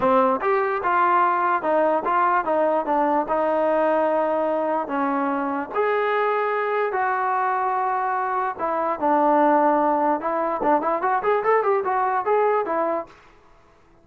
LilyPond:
\new Staff \with { instrumentName = "trombone" } { \time 4/4 \tempo 4 = 147 c'4 g'4 f'2 | dis'4 f'4 dis'4 d'4 | dis'1 | cis'2 gis'2~ |
gis'4 fis'2.~ | fis'4 e'4 d'2~ | d'4 e'4 d'8 e'8 fis'8 gis'8 | a'8 g'8 fis'4 gis'4 e'4 | }